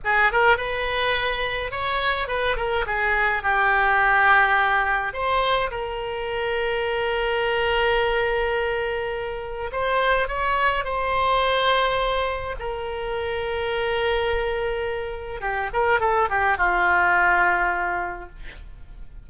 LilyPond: \new Staff \with { instrumentName = "oboe" } { \time 4/4 \tempo 4 = 105 gis'8 ais'8 b'2 cis''4 | b'8 ais'8 gis'4 g'2~ | g'4 c''4 ais'2~ | ais'1~ |
ais'4 c''4 cis''4 c''4~ | c''2 ais'2~ | ais'2. g'8 ais'8 | a'8 g'8 f'2. | }